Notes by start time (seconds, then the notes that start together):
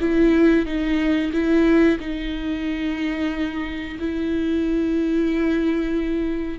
0.00 E4
0.66 D#4
1.32 E4
2.00 D#4
3.99 E4